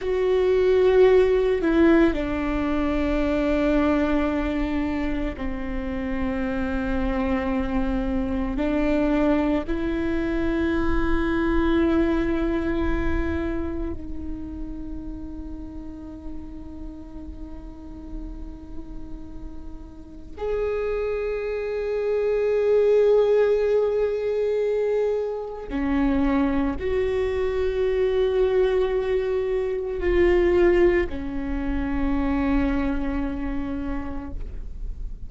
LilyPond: \new Staff \with { instrumentName = "viola" } { \time 4/4 \tempo 4 = 56 fis'4. e'8 d'2~ | d'4 c'2. | d'4 e'2.~ | e'4 dis'2.~ |
dis'2. gis'4~ | gis'1 | cis'4 fis'2. | f'4 cis'2. | }